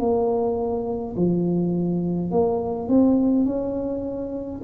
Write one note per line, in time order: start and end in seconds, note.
0.00 1.15 A#3
1.16 2.31 F3
2.31 2.88 A#3
2.88 3.46 C4
3.46 4.62 C#4